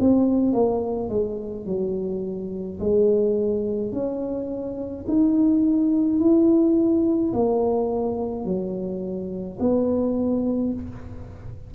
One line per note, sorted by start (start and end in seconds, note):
0.00 0.53 C4
0.53 1.10 A#3
1.10 1.66 G#3
1.66 2.79 F#3
2.80 3.93 G#3
3.93 5.06 C#4
5.08 6.20 D#4
6.20 7.33 E4
7.33 8.45 A#3
8.45 9.59 F#3
9.60 10.73 B3